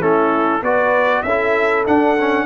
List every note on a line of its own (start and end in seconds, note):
0.00 0.61 A3
0.00 0.61 C#4
0.00 0.60 E4
0.00 0.63 A4
0.60 1.23 B3
0.60 1.25 F#4
0.60 1.22 B4
0.60 1.22 D5
1.22 1.85 C#4
1.22 2.45 A4
1.22 1.84 E5
1.28 1.86 E4
1.86 2.17 D4
1.86 2.45 D4
1.86 2.45 F#5
2.19 2.45 C#4